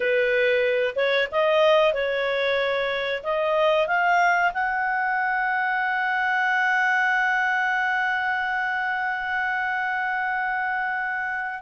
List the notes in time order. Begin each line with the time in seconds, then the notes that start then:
0.00 B4
0.95 C#5
1.31 D#5
1.93 C#5
3.23 D#5
3.87 F5
4.53 F#5